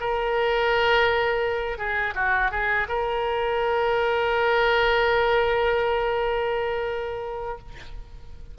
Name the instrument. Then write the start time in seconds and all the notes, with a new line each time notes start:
oboe
0.00 A#4
1.78 G#4
2.15 F#4
2.51 G#4
2.88 A#4